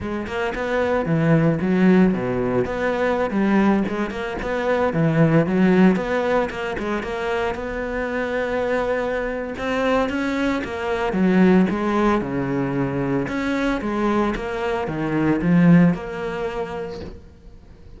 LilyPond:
\new Staff \with { instrumentName = "cello" } { \time 4/4 \tempo 4 = 113 gis8 ais8 b4 e4 fis4 | b,4 b4~ b16 g4 gis8 ais16~ | ais16 b4 e4 fis4 b8.~ | b16 ais8 gis8 ais4 b4.~ b16~ |
b2 c'4 cis'4 | ais4 fis4 gis4 cis4~ | cis4 cis'4 gis4 ais4 | dis4 f4 ais2 | }